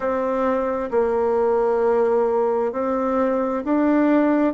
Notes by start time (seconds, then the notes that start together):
0.00 C4
0.90 A#3
2.72 C4
3.64 D4